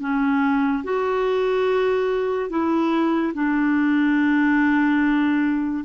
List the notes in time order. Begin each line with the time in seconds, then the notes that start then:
0.00 C#4
0.84 F#4
2.50 E4
3.34 D4